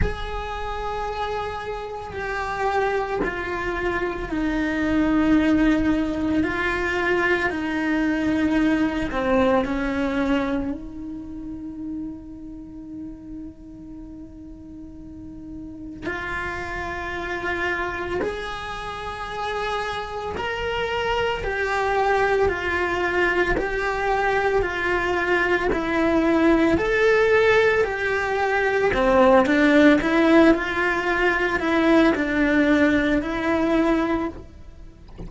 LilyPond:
\new Staff \with { instrumentName = "cello" } { \time 4/4 \tempo 4 = 56 gis'2 g'4 f'4 | dis'2 f'4 dis'4~ | dis'8 c'8 cis'4 dis'2~ | dis'2. f'4~ |
f'4 gis'2 ais'4 | g'4 f'4 g'4 f'4 | e'4 a'4 g'4 c'8 d'8 | e'8 f'4 e'8 d'4 e'4 | }